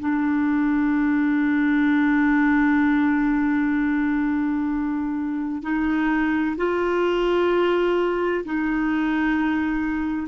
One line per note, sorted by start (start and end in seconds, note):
0.00 5.62 D4
5.62 6.56 D#4
6.57 8.45 F4
8.45 10.28 D#4